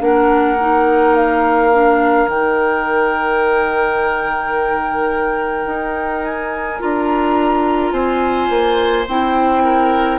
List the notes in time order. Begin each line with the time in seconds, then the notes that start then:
0.00 A#3 D4 A#4 F#5
0.60 D#4
1.16 F5
1.73 D4
2.27 D#3 D#4 G5
5.66 D#4
6.24 G#5
6.80 D4 F4 A#5
7.92 C4 C5 G#5
8.50 A#3
9.07 C4 E4 G5
9.64 A#4